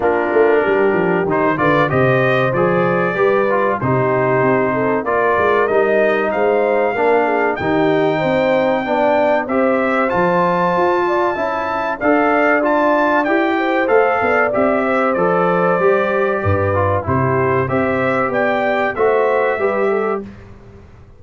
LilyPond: <<
  \new Staff \with { instrumentName = "trumpet" } { \time 4/4 \tempo 4 = 95 ais'2 c''8 d''8 dis''4 | d''2 c''2 | d''4 dis''4 f''2 | g''2. e''4 |
a''2. f''4 | a''4 g''4 f''4 e''4 | d''2. c''4 | e''4 g''4 e''2 | }
  \new Staff \with { instrumentName = "horn" } { \time 4/4 f'4 g'4. b'8 c''4~ | c''4 b'4 g'4. a'8 | ais'2 c''4 ais'8 gis'8 | g'4 c''4 d''4 c''4~ |
c''4. d''8 e''4 d''4~ | d''4. c''4 d''4 c''8~ | c''2 b'4 g'4 | c''4 d''4 c''4 b'8 a'8 | }
  \new Staff \with { instrumentName = "trombone" } { \time 4/4 d'2 dis'8 f'8 g'4 | gis'4 g'8 f'8 dis'2 | f'4 dis'2 d'4 | dis'2 d'4 g'4 |
f'2 e'4 a'4 | f'4 g'4 a'4 g'4 | a'4 g'4. f'8 e'4 | g'2 fis'4 g'4 | }
  \new Staff \with { instrumentName = "tuba" } { \time 4/4 ais8 a8 g8 f8 dis8 d8 c4 | f4 g4 c4 c'4 | ais8 gis8 g4 gis4 ais4 | dis4 c'4 b4 c'4 |
f4 f'4 cis'4 d'4~ | d'4 e'4 a8 b8 c'4 | f4 g4 g,4 c4 | c'4 b4 a4 g4 | }
>>